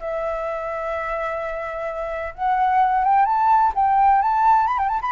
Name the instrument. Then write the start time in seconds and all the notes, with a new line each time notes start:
flute
0.00 E5
2.35 F#5
3.04 G5
3.26 A5
3.75 G5
4.22 A5
4.67 B5
4.78 G5
4.89 A5
5.02 B5